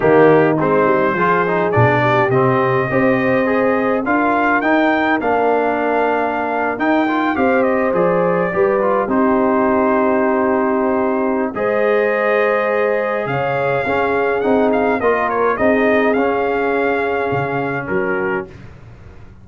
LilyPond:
<<
  \new Staff \with { instrumentName = "trumpet" } { \time 4/4 \tempo 4 = 104 g'4 c''2 d''4 | dis''2. f''4 | g''4 f''2~ f''8. g''16~ | g''8. f''8 dis''8 d''2 c''16~ |
c''1 | dis''2. f''4~ | f''4 fis''8 f''8 dis''8 cis''8 dis''4 | f''2. ais'4 | }
  \new Staff \with { instrumentName = "horn" } { \time 4/4 dis'2 gis'4. g'8~ | g'4 c''2 ais'4~ | ais'1~ | ais'8. c''2 b'4 g'16~ |
g'1 | c''2. cis''4 | gis'2 ais'4 gis'4~ | gis'2. fis'4 | }
  \new Staff \with { instrumentName = "trombone" } { \time 4/4 ais4 c'4 f'8 dis'8 d'4 | c'4 g'4 gis'4 f'4 | dis'4 d'2~ d'8. dis'16~ | dis'16 f'8 g'4 gis'4 g'8 f'8 dis'16~ |
dis'1 | gis'1 | cis'4 dis'4 f'4 dis'4 | cis'1 | }
  \new Staff \with { instrumentName = "tuba" } { \time 4/4 dis4 gis8 g8 f4 b,4 | c4 c'2 d'4 | dis'4 ais2~ ais8. dis'16~ | dis'8. c'4 f4 g4 c'16~ |
c'1 | gis2. cis4 | cis'4 c'4 ais4 c'4 | cis'2 cis4 fis4 | }
>>